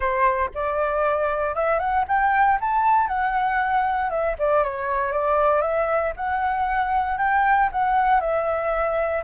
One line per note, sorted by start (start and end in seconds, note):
0.00 0.50 C5
0.54 1.55 D5
1.55 1.79 E5
1.79 2.05 F#5
2.08 2.59 G5
2.60 3.07 A5
3.07 4.10 F#5
4.10 4.35 E5
4.38 4.63 D5
4.63 5.12 C#5
5.12 5.61 D5
5.61 6.13 E5
6.16 7.18 F#5
7.18 7.69 G5
7.72 8.20 F#5
8.20 9.23 E5